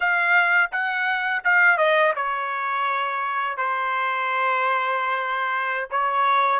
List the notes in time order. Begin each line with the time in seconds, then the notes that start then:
0.00 F5
0.71 F#5
1.44 F5
1.77 D#5
2.15 C#5
3.57 C5
5.90 C#5